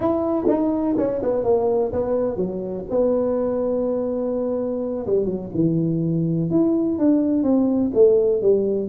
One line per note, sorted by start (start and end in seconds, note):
0.00 0.45 E4
0.47 0.95 D#4
0.97 1.21 C#4
1.22 1.44 B3
1.44 1.92 A#3
1.92 2.36 B3
2.36 2.84 F#3
2.90 5.06 B3
5.06 5.25 G3
5.25 5.49 F#3
5.54 6.50 E3
6.50 6.98 E4
6.98 7.43 D4
7.43 7.91 C4
7.93 8.41 A3
8.41 8.89 G3